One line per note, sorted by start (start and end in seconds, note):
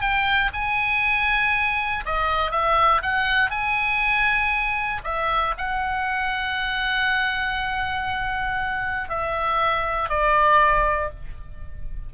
0.00 0.50 G5
0.53 2.04 G#5
2.05 2.51 D#5
2.51 3.01 E5
3.02 3.50 F#5
3.50 5.01 G#5
5.04 5.54 E5
5.57 9.09 F#5
9.09 10.09 E5
10.09 11.10 D5